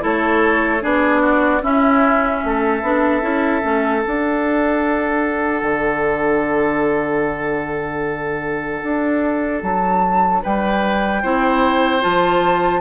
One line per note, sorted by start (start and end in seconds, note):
0.00 0.84 A3
0.00 0.80 E4
0.00 0.83 A4
0.00 0.84 C#5
0.82 1.62 B3
0.82 1.62 D4
0.82 1.22 G#4
0.82 1.64 D5
1.22 1.62 F#4
1.62 2.42 C#4
1.62 2.83 C#4
1.62 2.43 E4
1.62 4.02 E5
2.44 2.82 A3
2.44 10.43 A4
2.82 3.22 B3
2.82 3.22 D4
3.22 3.63 C#4
3.22 3.62 E4
3.63 4.04 A3
3.63 4.02 C#4
4.02 11.22 D4
4.02 5.62 D4
4.02 9.62 F#5
5.62 8.83 D3
8.83 9.63 D4
9.63 10.43 F#3
9.63 10.43 A5
10.43 11.24 G3
10.43 11.23 B4
10.43 12.03 G5
11.23 12.04 C4
11.23 12.01 E4
11.23 12.81 C5
12.01 12.81 F3
12.01 12.81 F4
12.01 12.81 A5